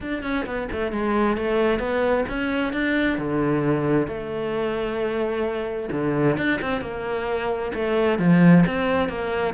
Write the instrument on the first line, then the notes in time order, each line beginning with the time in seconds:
cello
0.00 D4
0.23 C#4
0.45 B3
0.71 A3
0.92 G#3
1.37 A3
1.79 B3
2.29 C#4
2.73 D4
3.17 D3
4.07 A3
5.91 D3
6.37 D4
6.61 C4
6.81 A#3
7.74 A3
8.18 F3
8.66 C4
9.08 A#3